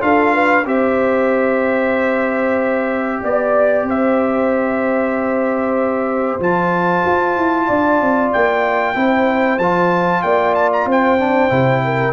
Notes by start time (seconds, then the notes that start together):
0.00 D4 F4 A4 F5
0.33 B4
0.65 C4 G4 C5 E5
3.22 B3 D5
3.83 C4 C5
3.89 E5
6.39 F3 F4 A5
7.05 F4
7.37 E4
7.66 D4 D5
8.01 C4
8.32 A#3 G5
8.94 C4 E4 C5
9.59 F3 F4 A5
10.22 A#3 D5 G5
10.54 A5
10.72 A#5
10.85 C4 C5
10.91 G5
11.19 D4
11.49 C3 E4
11.84 A#4